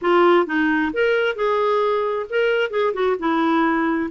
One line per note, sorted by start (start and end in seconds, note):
0.01 0.46 F4
0.46 0.91 D#4
0.93 1.35 A#4
1.35 2.26 G#4
2.29 2.70 A#4
2.70 2.93 G#4
2.93 3.16 F#4
3.19 4.10 E4